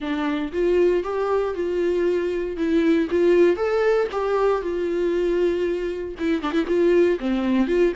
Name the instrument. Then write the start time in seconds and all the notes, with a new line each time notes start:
viola
0.00 D4
0.52 F4
1.03 G4
1.54 F4
2.56 E4
3.10 F4
3.56 A4
4.11 G4
4.61 F4
6.18 E4
6.42 D4
6.52 E4
6.67 F4
7.19 C4
7.67 F4